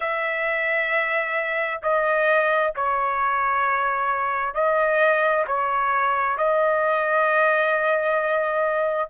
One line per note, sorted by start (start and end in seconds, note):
0.00 1.81 E5
1.82 2.73 D#5
2.75 4.54 C#5
4.54 5.45 D#5
5.47 6.37 C#5
6.37 9.09 D#5